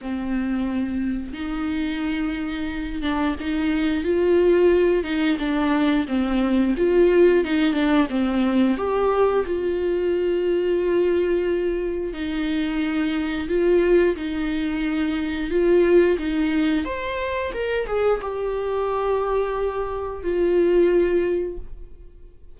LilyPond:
\new Staff \with { instrumentName = "viola" } { \time 4/4 \tempo 4 = 89 c'2 dis'2~ | dis'8 d'8 dis'4 f'4. dis'8 | d'4 c'4 f'4 dis'8 d'8 | c'4 g'4 f'2~ |
f'2 dis'2 | f'4 dis'2 f'4 | dis'4 c''4 ais'8 gis'8 g'4~ | g'2 f'2 | }